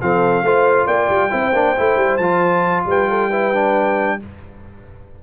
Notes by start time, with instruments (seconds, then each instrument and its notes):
0.00 tuba F3, trombone C4, horn A4, trumpet F5
0.42 tuba A3, trombone F4, horn C5
0.86 tuba A#3, horn D5, trumpet G5
1.09 tuba G3
1.29 tuba C4, trombone E4, horn C5
1.52 tuba A#3, trombone D4
1.76 tuba A3, trombone E4
1.96 tuba G3
2.17 tuba F3, trombone F4, trumpet A5
2.85 tuba G3, horn B4, trumpet G5
3.09 horn A4
3.29 trombone E4, horn B4
3.53 trombone D4